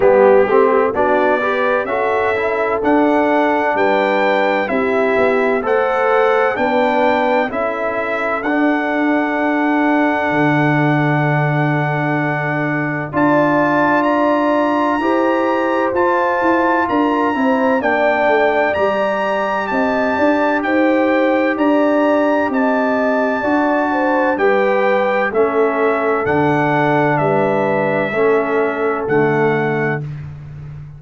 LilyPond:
<<
  \new Staff \with { instrumentName = "trumpet" } { \time 4/4 \tempo 4 = 64 g'4 d''4 e''4 fis''4 | g''4 e''4 fis''4 g''4 | e''4 fis''2.~ | fis''2 a''4 ais''4~ |
ais''4 a''4 ais''4 g''4 | ais''4 a''4 g''4 ais''4 | a''2 g''4 e''4 | fis''4 e''2 fis''4 | }
  \new Staff \with { instrumentName = "horn" } { \time 4/4 g'4 fis'8 b'8 a'2 | b'4 g'4 c''4 b'4 | a'1~ | a'2 d''2 |
c''2 ais'8 c''8 d''4~ | d''4 dis''8 d''8 c''4 d''4 | dis''4 d''8 c''8 b'4 a'4~ | a'4 b'4 a'2 | }
  \new Staff \with { instrumentName = "trombone" } { \time 4/4 b8 c'8 d'8 g'8 fis'8 e'8 d'4~ | d'4 e'4 a'4 d'4 | e'4 d'2.~ | d'2 f'2 |
g'4 f'4. e'8 d'4 | g'1~ | g'4 fis'4 g'4 cis'4 | d'2 cis'4 a4 | }
  \new Staff \with { instrumentName = "tuba" } { \time 4/4 g8 a8 b4 cis'4 d'4 | g4 c'8 b8 a4 b4 | cis'4 d'2 d4~ | d2 d'2 |
e'4 f'8 e'8 d'8 c'8 ais8 a8 | g4 c'8 d'8 dis'4 d'4 | c'4 d'4 g4 a4 | d4 g4 a4 d4 | }
>>